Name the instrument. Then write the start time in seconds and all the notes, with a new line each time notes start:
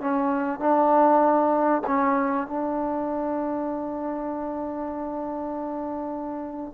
trombone
0.00 C#4
0.59 D4
1.86 C#4
2.47 D4